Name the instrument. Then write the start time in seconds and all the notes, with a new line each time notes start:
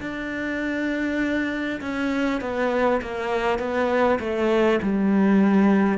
cello
0.00 D4
1.80 C#4
2.41 B3
3.01 A#3
3.58 B3
4.19 A3
4.82 G3